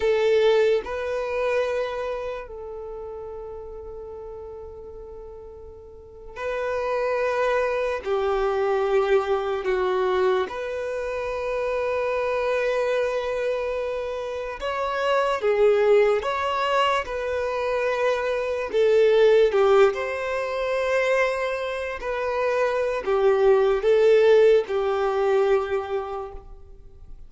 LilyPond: \new Staff \with { instrumentName = "violin" } { \time 4/4 \tempo 4 = 73 a'4 b'2 a'4~ | a'2.~ a'8. b'16~ | b'4.~ b'16 g'2 fis'16~ | fis'8. b'2.~ b'16~ |
b'4.~ b'16 cis''4 gis'4 cis''16~ | cis''8. b'2 a'4 g'16~ | g'16 c''2~ c''8 b'4~ b'16 | g'4 a'4 g'2 | }